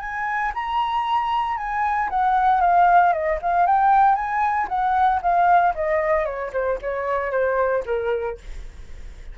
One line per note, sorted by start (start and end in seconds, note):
0.00 0.52 G#5
0.55 1.57 A#5
1.57 2.10 G#5
2.10 2.61 F#5
2.61 3.13 F5
3.13 3.39 D#5
3.42 3.67 F5
3.67 4.15 G5
4.15 4.67 G#5
4.69 5.21 F#5
5.22 5.74 F5
5.75 6.26 D#5
6.26 6.52 C#5
6.53 6.79 C5
6.82 7.32 C#5
7.32 7.84 C5
7.86 8.38 A#4